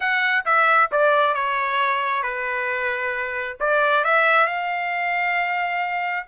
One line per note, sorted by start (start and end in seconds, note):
0.00 0.45 F#5
0.45 0.90 E5
0.91 1.34 D5
1.34 2.23 C#5
2.23 3.57 B4
3.60 4.04 D5
4.04 4.47 E5
4.47 6.26 F5